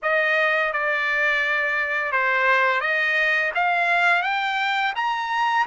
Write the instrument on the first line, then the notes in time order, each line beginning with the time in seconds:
trumpet
0.02 D#5
0.72 D5
2.11 C5
2.80 D#5
3.55 F5
4.22 G5
4.95 A#5